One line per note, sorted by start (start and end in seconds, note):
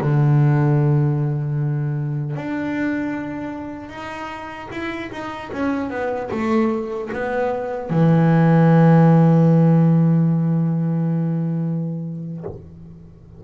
0.00 2.35 D3
2.35 3.89 D4
3.89 4.68 D#4
4.71 5.10 E4
5.11 5.50 D#4
5.52 5.90 C#4
5.90 6.29 B3
6.31 7.10 A3
7.12 7.89 B3
7.89 12.43 E3